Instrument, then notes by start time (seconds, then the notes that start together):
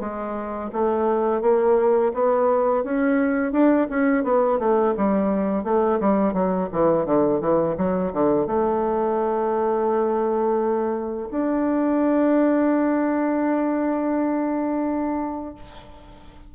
bassoon
0.00 G#3
0.73 A3
1.42 A#3
2.14 B3
2.84 C#4
3.53 D4
3.90 C#4
4.24 B3
4.59 A3
4.97 G3
5.64 A3
6.01 G3
6.34 F#3
6.73 E3
7.06 D3
7.41 E3
7.78 F#3
8.13 D3
8.47 A3
11.31 D4